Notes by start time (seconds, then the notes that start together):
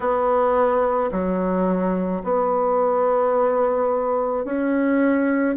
0.00 B3
1.11 F#3
2.23 B3
4.44 C#4